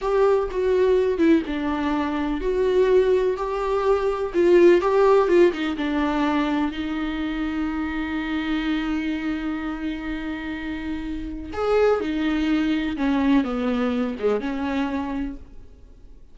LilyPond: \new Staff \with { instrumentName = "viola" } { \time 4/4 \tempo 4 = 125 g'4 fis'4. e'8 d'4~ | d'4 fis'2 g'4~ | g'4 f'4 g'4 f'8 dis'8 | d'2 dis'2~ |
dis'1~ | dis'1 | gis'4 dis'2 cis'4 | b4. gis8 cis'2 | }